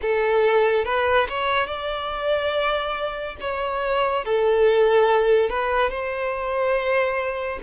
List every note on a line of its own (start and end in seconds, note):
0.01 0.85 A4
0.85 1.27 B4
1.29 1.67 C#5
1.67 3.36 D5
3.40 4.24 C#5
4.24 5.49 A4
5.49 5.90 B4
5.90 7.59 C5